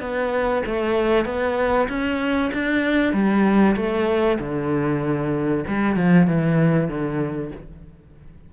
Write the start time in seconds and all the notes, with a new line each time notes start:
0.00 B3
0.66 A3
1.25 B3
1.89 C#4
2.53 D4
3.13 G3
3.75 A3
4.39 D3
5.67 G3
5.96 F3
6.27 E3
6.88 D3